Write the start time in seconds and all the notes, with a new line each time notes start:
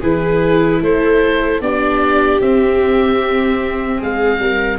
0.00 E3 E4 G#4 B4
0.81 A3 A4 C5
1.60 B3 D4 G4 D5
2.41 C4 E5
3.98 G#3 G#4 F5
4.39 G3 A#4